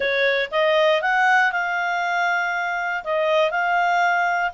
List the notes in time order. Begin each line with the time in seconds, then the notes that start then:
0.00 C#5
0.51 D#5
1.01 F#5
1.52 F5
3.04 D#5
3.50 F5